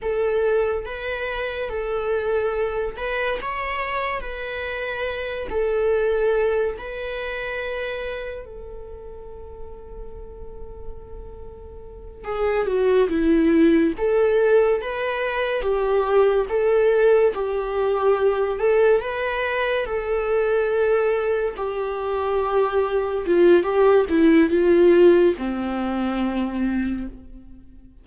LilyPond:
\new Staff \with { instrumentName = "viola" } { \time 4/4 \tempo 4 = 71 a'4 b'4 a'4. b'8 | cis''4 b'4. a'4. | b'2 a'2~ | a'2~ a'8 gis'8 fis'8 e'8~ |
e'8 a'4 b'4 g'4 a'8~ | a'8 g'4. a'8 b'4 a'8~ | a'4. g'2 f'8 | g'8 e'8 f'4 c'2 | }